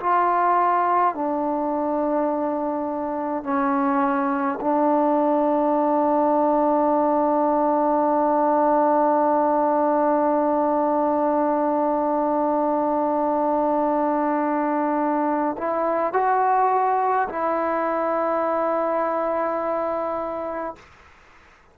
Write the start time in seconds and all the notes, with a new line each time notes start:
0.00 F4
1.15 D4
3.44 C#4
4.60 D4
15.58 E4
16.13 F#4
17.29 E4